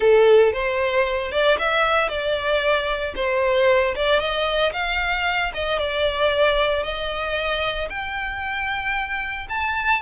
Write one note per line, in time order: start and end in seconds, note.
0.00 0.52 A4
0.52 1.31 C5
1.31 1.57 D5
1.58 2.08 E5
2.08 3.13 D5
3.15 3.94 C5
3.95 4.19 D5
4.19 4.72 D#5
4.72 5.51 F5
5.54 5.78 D#5
5.78 6.83 D5
6.83 7.88 D#5
7.89 9.47 G5
9.49 10.01 A5